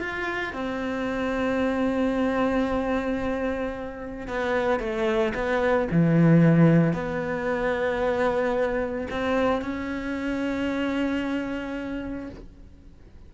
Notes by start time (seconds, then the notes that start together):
0.00 F4
0.53 C4
4.28 B3
4.79 A3
5.34 B3
5.91 E3
6.93 B3
9.10 C4
9.61 C#4